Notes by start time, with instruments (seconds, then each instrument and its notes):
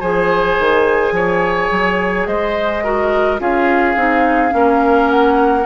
0.00 bassoon F3, clarinet G#4, oboe C5, flute G#5
0.59 bassoon D#3
1.12 bassoon F3, oboe C#5
1.71 bassoon F#3
2.26 bassoon G#3, oboe C5, flute D#5
2.84 clarinet F#4, oboe A#4
3.38 bassoon C#4, clarinet F4, oboe G#4, flute F5
3.96 bassoon C4, clarinet D#4
4.50 bassoon A#3, clarinet C#4, oboe A#4
5.10 flute F#5